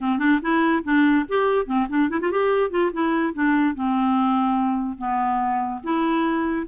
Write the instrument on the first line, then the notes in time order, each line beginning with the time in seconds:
clarinet
0.01 C4
0.18 D4
0.42 E4
0.84 D4
1.28 G4
1.66 C4
1.89 D4
2.09 E4
2.21 F4
2.31 G4
2.70 F4
2.92 E4
3.33 D4
3.74 C4
4.98 B3
5.83 E4